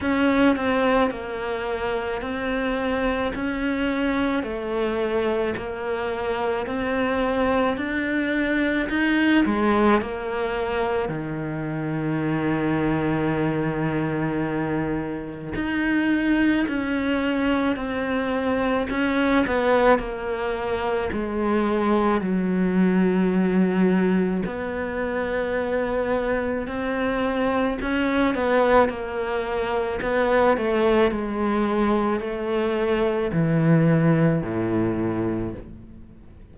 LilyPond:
\new Staff \with { instrumentName = "cello" } { \time 4/4 \tempo 4 = 54 cis'8 c'8 ais4 c'4 cis'4 | a4 ais4 c'4 d'4 | dis'8 gis8 ais4 dis2~ | dis2 dis'4 cis'4 |
c'4 cis'8 b8 ais4 gis4 | fis2 b2 | c'4 cis'8 b8 ais4 b8 a8 | gis4 a4 e4 a,4 | }